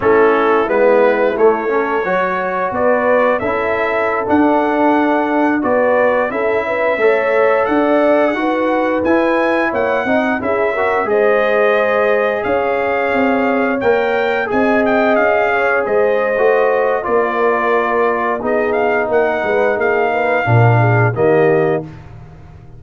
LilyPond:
<<
  \new Staff \with { instrumentName = "trumpet" } { \time 4/4 \tempo 4 = 88 a'4 b'4 cis''2 | d''4 e''4~ e''16 fis''4.~ fis''16~ | fis''16 d''4 e''2 fis''8.~ | fis''4~ fis''16 gis''4 fis''4 e''8.~ |
e''16 dis''2 f''4.~ f''16~ | f''16 g''4 gis''8 g''8 f''4 dis''8.~ | dis''4 d''2 dis''8 f''8 | fis''4 f''2 dis''4 | }
  \new Staff \with { instrumentName = "horn" } { \time 4/4 e'2~ e'8 a'8 cis''4 | b'4 a'2.~ | a'16 b'4 a'8 b'8 cis''4 d''8.~ | d''16 b'2 cis''8 dis''8 gis'8 ais'16~ |
ais'16 c''2 cis''4.~ cis''16~ | cis''4~ cis''16 dis''4. cis''8 c''8.~ | c''4 ais'2 gis'4 | ais'8 b'8 gis'8 b'8 ais'8 gis'8 g'4 | }
  \new Staff \with { instrumentName = "trombone" } { \time 4/4 cis'4 b4 a8 cis'8 fis'4~ | fis'4 e'4~ e'16 d'4.~ d'16~ | d'16 fis'4 e'4 a'4.~ a'16~ | a'16 fis'4 e'4. dis'8 e'8 fis'16~ |
fis'16 gis'2.~ gis'8.~ | gis'16 ais'4 gis'2~ gis'8. | fis'4 f'2 dis'4~ | dis'2 d'4 ais4 | }
  \new Staff \with { instrumentName = "tuba" } { \time 4/4 a4 gis4 a4 fis4 | b4 cis'4~ cis'16 d'4.~ d'16~ | d'16 b4 cis'4 a4 d'8.~ | d'16 dis'4 e'4 ais8 c'8 cis'8.~ |
cis'16 gis2 cis'4 c'8.~ | c'16 ais4 c'4 cis'4 gis8. | a4 ais2 b4 | ais8 gis8 ais4 ais,4 dis4 | }
>>